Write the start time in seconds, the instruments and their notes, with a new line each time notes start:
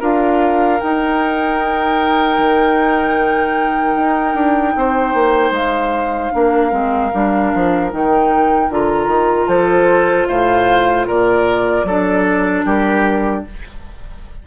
0.00 bassoon D4, clarinet F4, oboe A#4, flute F5
0.80 bassoon D#4, clarinet D#4, flute G5
2.38 bassoon D#3
3.96 bassoon D#4
4.34 bassoon D4
4.76 bassoon C4, oboe C5
5.14 bassoon A#3
5.51 bassoon G#3, flute F5
6.32 bassoon A#3, clarinet D4, oboe A#4
6.71 bassoon G#3, clarinet C4
7.14 bassoon G3, clarinet D4
7.54 bassoon F3
7.91 bassoon D#3, clarinet D#4, flute G5
8.70 bassoon D3, clarinet F4, flute A#5
9.07 bassoon D#3
9.48 bassoon F3, oboe A4, flute C5
10.27 bassoon A2, oboe C5, flute F5
11.07 bassoon A#2, oboe A#4, flute D5
11.84 bassoon F#3, clarinet D4, oboe A4
12.65 bassoon G3, oboe G4, flute A#4